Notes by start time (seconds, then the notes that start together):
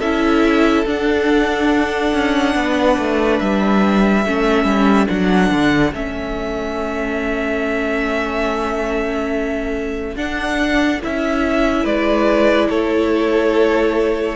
0.00 C#4 E4 A4 E5
0.86 D4 F#5
2.14 C#4
2.56 B3 B4
2.98 A3
3.39 G3 E5
4.26 A3 C#4 A4
4.65 G3
5.07 F#3 D4 F#5
5.51 D3
5.93 A3 C#4 E5
10.16 D4 F#5
11.02 C#4 E4 E5
11.84 G#3 B4 D5
12.70 A3 A4 C#5